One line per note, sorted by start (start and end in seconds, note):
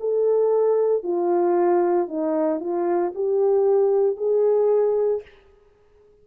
0.00 1.03 A4
1.03 2.08 F4
2.08 2.60 D#4
2.60 3.12 F4
3.15 4.17 G4
4.17 5.22 G#4